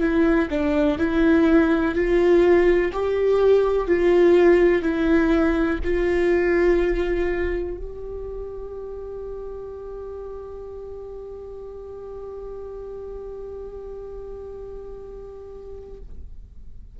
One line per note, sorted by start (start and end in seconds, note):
0.00 0.48 E4
0.50 0.98 D4
0.98 1.95 E4
1.95 2.92 F4
2.93 3.87 G4
3.87 4.82 F4
4.82 5.79 E4
5.84 7.77 F4
7.77 16.00 G4